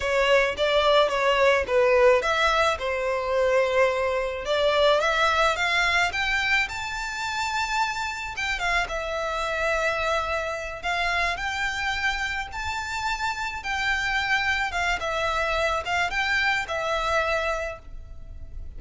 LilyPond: \new Staff \with { instrumentName = "violin" } { \time 4/4 \tempo 4 = 108 cis''4 d''4 cis''4 b'4 | e''4 c''2. | d''4 e''4 f''4 g''4 | a''2. g''8 f''8 |
e''2.~ e''8 f''8~ | f''8 g''2 a''4.~ | a''8 g''2 f''8 e''4~ | e''8 f''8 g''4 e''2 | }